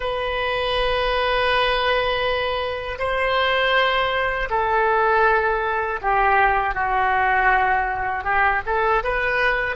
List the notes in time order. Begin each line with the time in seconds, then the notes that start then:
0.00 B4
2.98 C5
4.50 A4
6.01 G4
6.74 F#4
8.24 G4
8.66 A4
9.03 B4